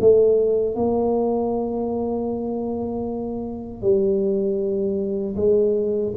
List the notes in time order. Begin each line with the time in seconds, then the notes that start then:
0.00 A3
0.75 A#3
3.81 G3
5.36 G#3